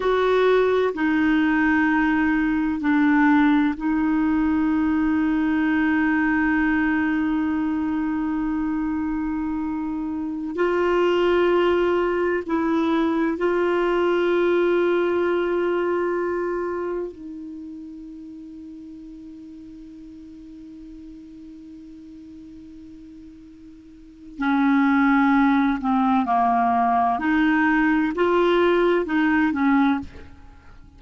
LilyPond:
\new Staff \with { instrumentName = "clarinet" } { \time 4/4 \tempo 4 = 64 fis'4 dis'2 d'4 | dis'1~ | dis'2.~ dis'16 f'8.~ | f'4~ f'16 e'4 f'4.~ f'16~ |
f'2~ f'16 dis'4.~ dis'16~ | dis'1~ | dis'2 cis'4. c'8 | ais4 dis'4 f'4 dis'8 cis'8 | }